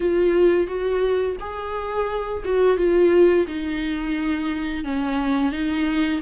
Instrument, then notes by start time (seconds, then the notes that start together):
viola
0.00 F4
0.67 F#4
1.39 G#4
2.44 F#4
2.77 F4
3.47 D#4
4.84 C#4
5.51 D#4